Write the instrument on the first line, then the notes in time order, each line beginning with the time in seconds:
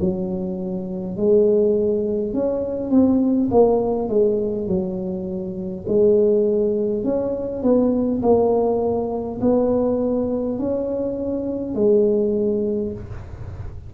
tuba
0.00 F#3
1.17 G#3
2.33 C#4
2.90 C4
3.51 A#3
4.09 G#3
4.67 F#3
5.88 G#3
7.04 C#4
7.63 B3
8.22 A#3
9.41 B3
10.58 C#4
11.74 G#3